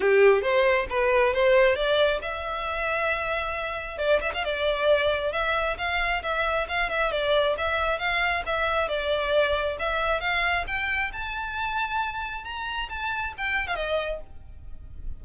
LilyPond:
\new Staff \with { instrumentName = "violin" } { \time 4/4 \tempo 4 = 135 g'4 c''4 b'4 c''4 | d''4 e''2.~ | e''4 d''8 e''16 f''16 d''2 | e''4 f''4 e''4 f''8 e''8 |
d''4 e''4 f''4 e''4 | d''2 e''4 f''4 | g''4 a''2. | ais''4 a''4 g''8. f''16 dis''4 | }